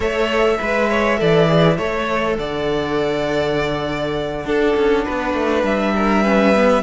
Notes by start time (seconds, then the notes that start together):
0.00 A3 A4 C#5 E5
0.58 G#3 B4
0.89 C#5
1.17 E3 A4 D5
1.47 G#4
1.77 A3 A4 C#5
2.38 D3 D5 F#5
4.45 D4 A4
4.76 C#4
5.04 B3 B4
5.33 A3
5.63 G3 E5
5.95 A#4
6.23 C#4 B4
6.54 B3